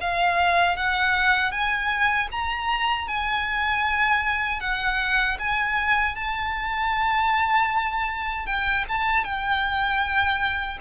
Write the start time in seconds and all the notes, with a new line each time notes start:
0.00 F5
0.76 F#5
1.51 G#5
2.31 A#5
3.07 G#5
4.60 F#5
5.38 G#5
6.15 A5
8.46 G5
8.88 A5
9.24 G5